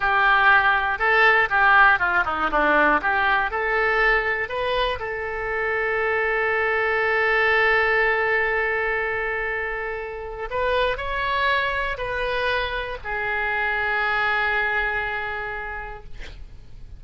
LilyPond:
\new Staff \with { instrumentName = "oboe" } { \time 4/4 \tempo 4 = 120 g'2 a'4 g'4 | f'8 dis'8 d'4 g'4 a'4~ | a'4 b'4 a'2~ | a'1~ |
a'1~ | a'4 b'4 cis''2 | b'2 gis'2~ | gis'1 | }